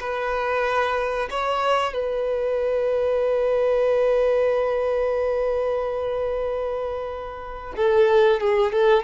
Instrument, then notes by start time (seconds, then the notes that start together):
violin
0.00 B4
1.30 C#5
1.94 B4
7.77 A4
8.41 G#4
8.72 A4